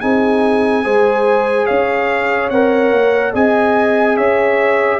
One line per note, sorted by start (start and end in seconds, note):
0.00 0.85 C4
0.00 0.84 D#4
0.00 0.84 G#4
0.00 1.66 G#5
0.84 1.68 G#3
0.84 2.50 G#4
0.84 1.66 C5
1.66 2.50 C#4
1.66 3.33 C#5
1.66 2.49 F5
2.49 2.91 C4
2.49 3.33 A#4
2.49 3.33 F#5
2.91 3.33 A#3
3.33 4.17 C4
3.33 4.99 G#4
3.33 4.16 D#5
3.33 4.16 G#5
4.16 4.99 C#4
4.16 4.99 C#5
4.16 4.99 E5